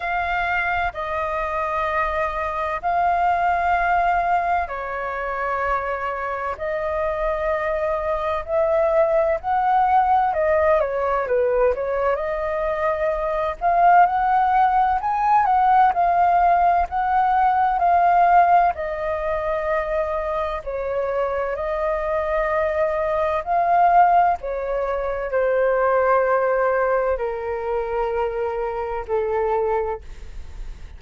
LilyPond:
\new Staff \with { instrumentName = "flute" } { \time 4/4 \tempo 4 = 64 f''4 dis''2 f''4~ | f''4 cis''2 dis''4~ | dis''4 e''4 fis''4 dis''8 cis''8 | b'8 cis''8 dis''4. f''8 fis''4 |
gis''8 fis''8 f''4 fis''4 f''4 | dis''2 cis''4 dis''4~ | dis''4 f''4 cis''4 c''4~ | c''4 ais'2 a'4 | }